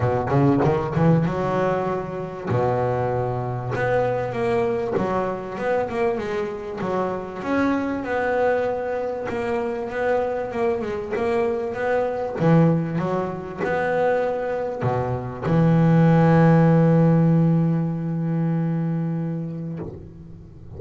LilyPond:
\new Staff \with { instrumentName = "double bass" } { \time 4/4 \tempo 4 = 97 b,8 cis8 dis8 e8 fis2 | b,2 b4 ais4 | fis4 b8 ais8 gis4 fis4 | cis'4 b2 ais4 |
b4 ais8 gis8 ais4 b4 | e4 fis4 b2 | b,4 e2.~ | e1 | }